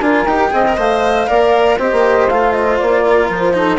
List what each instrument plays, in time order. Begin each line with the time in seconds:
0.00 bassoon D4, cello F4, saxophone A#4, flute G#5
0.25 bassoon D#4, cello G4, flute G5
0.51 bassoon C4, cello G#4, saxophone D#5
0.67 cello A#4
0.78 bassoon A3, cello C5, flute F5
1.27 bassoon A#3, cello A#4, saxophone D5
1.78 bassoon C4, cello G4, saxophone C5, flute D#5
1.92 bassoon A#3
2.29 bassoon A3, cello F4, flute F5
2.53 flute D#5
2.78 bassoon A#3, flute D5
3.04 saxophone A#4
3.30 bassoon F3, flute C5
3.53 cello D#4, saxophone A4